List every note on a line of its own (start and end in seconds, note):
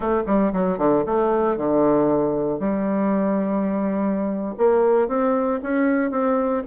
0.00 0.22 A3
0.26 0.52 G3
0.52 0.78 F#3
0.78 1.04 D3
1.06 1.57 A3
1.57 2.59 D3
2.59 4.55 G3
4.57 5.08 A#3
5.08 5.60 C4
5.62 6.10 C#4
6.10 6.62 C4